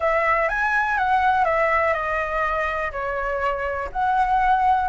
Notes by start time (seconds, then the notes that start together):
0.00 E5
0.49 G#5
0.97 F#5
1.44 E5
1.93 D#5
2.91 C#5
3.92 F#5